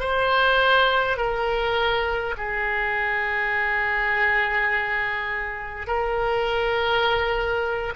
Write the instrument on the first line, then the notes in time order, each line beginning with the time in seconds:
oboe
0.00 C5
1.17 A#4
2.38 G#4
5.87 A#4